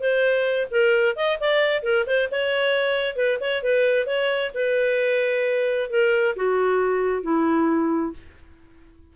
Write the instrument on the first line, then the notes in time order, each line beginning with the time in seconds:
clarinet
0.00 C5
0.71 A#4
1.16 D#5
1.40 D5
1.83 A#4
2.06 C5
2.31 C#5
3.16 B4
3.40 C#5
3.63 B4
4.06 C#5
4.54 B4
5.90 A#4
6.36 F#4
7.23 E4